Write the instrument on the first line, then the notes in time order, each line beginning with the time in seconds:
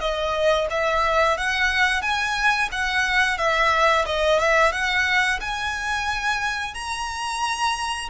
violin
0.00 D#5
0.70 E5
1.37 F#5
2.02 G#5
2.72 F#5
3.38 E5
4.05 D#5
4.39 E5
4.72 F#5
5.41 G#5
6.74 A#5